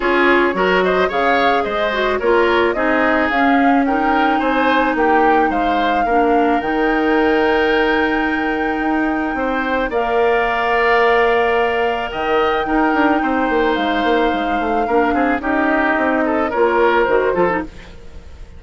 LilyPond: <<
  \new Staff \with { instrumentName = "flute" } { \time 4/4 \tempo 4 = 109 cis''4. dis''8 f''4 dis''4 | cis''4 dis''4 f''4 g''4 | gis''4 g''4 f''2 | g''1~ |
g''2 f''2~ | f''2 g''2~ | g''4 f''2. | dis''2 cis''4 c''4 | }
  \new Staff \with { instrumentName = "oboe" } { \time 4/4 gis'4 ais'8 c''8 cis''4 c''4 | ais'4 gis'2 ais'4 | c''4 g'4 c''4 ais'4~ | ais'1~ |
ais'4 c''4 d''2~ | d''2 dis''4 ais'4 | c''2. ais'8 gis'8 | g'4. a'8 ais'4. a'8 | }
  \new Staff \with { instrumentName = "clarinet" } { \time 4/4 f'4 fis'4 gis'4. fis'8 | f'4 dis'4 cis'4 dis'4~ | dis'2. d'4 | dis'1~ |
dis'2 ais'2~ | ais'2. dis'4~ | dis'2. d'4 | dis'2 f'4 fis'8 f'16 dis'16 | }
  \new Staff \with { instrumentName = "bassoon" } { \time 4/4 cis'4 fis4 cis4 gis4 | ais4 c'4 cis'2 | c'4 ais4 gis4 ais4 | dis1 |
dis'4 c'4 ais2~ | ais2 dis4 dis'8 d'8 | c'8 ais8 gis8 ais8 gis8 a8 ais8 c'8 | cis'4 c'4 ais4 dis8 f8 | }
>>